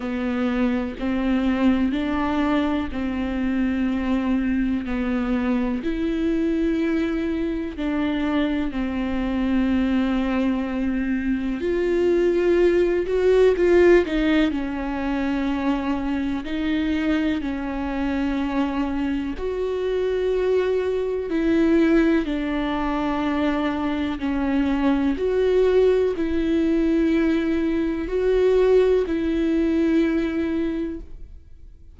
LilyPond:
\new Staff \with { instrumentName = "viola" } { \time 4/4 \tempo 4 = 62 b4 c'4 d'4 c'4~ | c'4 b4 e'2 | d'4 c'2. | f'4. fis'8 f'8 dis'8 cis'4~ |
cis'4 dis'4 cis'2 | fis'2 e'4 d'4~ | d'4 cis'4 fis'4 e'4~ | e'4 fis'4 e'2 | }